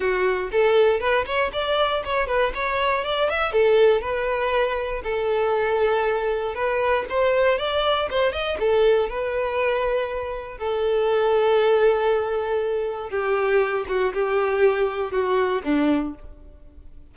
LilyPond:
\new Staff \with { instrumentName = "violin" } { \time 4/4 \tempo 4 = 119 fis'4 a'4 b'8 cis''8 d''4 | cis''8 b'8 cis''4 d''8 e''8 a'4 | b'2 a'2~ | a'4 b'4 c''4 d''4 |
c''8 dis''8 a'4 b'2~ | b'4 a'2.~ | a'2 g'4. fis'8 | g'2 fis'4 d'4 | }